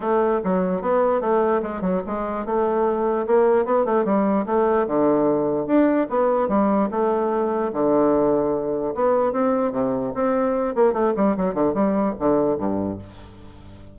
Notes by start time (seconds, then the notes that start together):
0.00 A3
0.43 F#3
0.81 B3
1.21 A3
1.62 G#3
1.81 F#3
2.06 G#3
2.45 A3
3.26 A#3
3.65 B3
3.85 A3
4.04 G3
4.46 A3
4.87 D3
5.66 D4
6.09 B3
6.48 G3
6.90 A3
7.72 D3
8.94 B3
9.32 C4
9.72 C3
10.14 C4
10.75 A#3
10.93 A3
11.16 G3
11.36 F#3
11.54 D3
11.74 G3
12.19 D3
12.57 G2